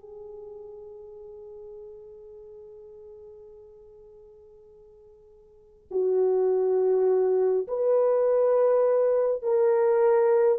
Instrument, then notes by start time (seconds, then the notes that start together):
horn
0.00 G#4
5.91 F#4
7.68 B4
9.42 A#4